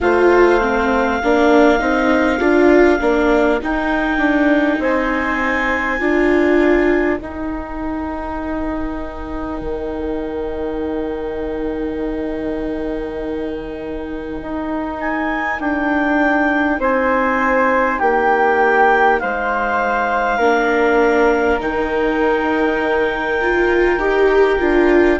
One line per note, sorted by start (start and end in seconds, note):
0.01 1.21 A3
0.01 0.60 F4
0.01 1.21 C5
0.01 3.60 F5
0.60 1.20 C4
1.21 1.80 A#3
1.21 1.78 D4
1.21 4.80 A#4
1.78 2.39 C4
1.78 2.38 D#4
2.39 2.99 D4
2.39 2.99 F4
3.00 3.61 A#3
3.00 3.60 D4
3.61 5.99 D#4
3.61 4.18 D#4
3.61 4.82 G5
4.18 4.78 D4
4.79 5.99 C4
4.79 6.00 C5
4.79 7.17 G#5
5.99 7.19 D4
5.99 7.19 F4
5.99 16.80 A#4
7.17 20.40 D#4
7.17 9.61 D#4
7.17 14.97 G5
9.61 14.41 D#3
14.41 15.59 D#4
15.00 15.60 G#5
15.59 16.79 D4
15.59 16.80 G5
16.79 17.99 C4
16.79 17.98 C5
16.79 17.99 G#5
17.98 19.21 A#3
17.98 19.18 G4
17.98 19.19 G5
19.19 20.38 G#3
19.19 20.37 C5
19.19 21.59 F5
20.37 21.58 A#3
20.37 21.60 D4
20.37 25.17 A#4
21.59 23.97 D#3
21.59 23.40 D#4
21.59 25.20 G5
23.41 23.99 F4
23.97 24.57 D#4
23.97 24.59 G4
24.59 25.20 D4
24.59 25.19 F4